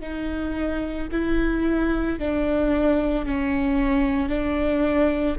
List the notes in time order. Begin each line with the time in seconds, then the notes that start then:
0.00 D#4
1.12 E4
2.19 D4
3.25 C#4
4.29 D4